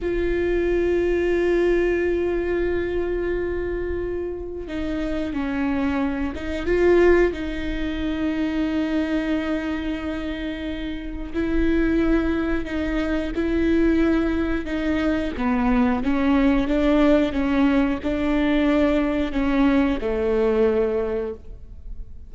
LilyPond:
\new Staff \with { instrumentName = "viola" } { \time 4/4 \tempo 4 = 90 f'1~ | f'2. dis'4 | cis'4. dis'8 f'4 dis'4~ | dis'1~ |
dis'4 e'2 dis'4 | e'2 dis'4 b4 | cis'4 d'4 cis'4 d'4~ | d'4 cis'4 a2 | }